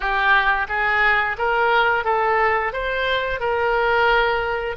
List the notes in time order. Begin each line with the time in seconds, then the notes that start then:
0.00 G4
0.68 G#4
1.38 A#4
2.04 A4
2.72 C5
3.40 A#4